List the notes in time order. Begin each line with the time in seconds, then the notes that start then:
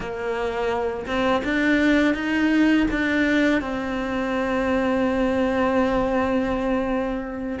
0.00 A#3
1.06 C4
1.44 D4
2.14 D#4
2.90 D4
3.61 C4